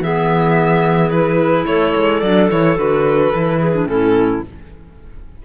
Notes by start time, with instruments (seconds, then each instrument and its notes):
0.00 cello E3, clarinet B3 G#4, violin E5
1.10 clarinet E4, violin B4
1.66 cello A3, clarinet A4, violin C#5
1.97 cello G#3
2.21 cello F#3, clarinet D4, violin D5
2.51 cello E3, clarinet E4, violin C#5
2.77 cello D3, clarinet F#4, violin B4
3.35 cello E3, clarinet E4
3.60 clarinet G#4
3.73 clarinet D4
3.85 cello A2, clarinet C#4 E4, violin A4